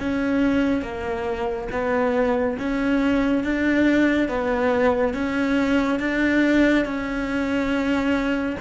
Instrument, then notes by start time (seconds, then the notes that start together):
cello
0.00 C#4
0.83 A#3
1.72 B3
2.59 C#4
3.44 D4
4.29 B3
5.14 C#4
6.00 D4
6.85 C#4